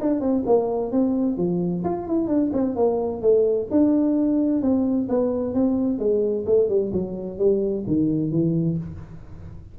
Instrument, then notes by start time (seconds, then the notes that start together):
tuba
0.00 D4
0.20 C4
0.46 A#3
0.91 C4
1.37 F3
1.84 F4
2.07 E4
2.28 D4
2.53 C4
2.75 A#3
3.21 A3
3.70 D4
4.62 C4
5.09 B3
5.54 C4
5.99 G#3
6.46 A3
6.69 G3
6.92 F#3
7.38 G3
7.87 D#3
8.31 E3